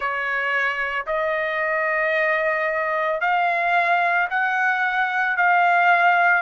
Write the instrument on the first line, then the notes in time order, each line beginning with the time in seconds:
trumpet
0.00 C#5
1.06 D#5
3.20 F5
4.30 F#5
5.36 F5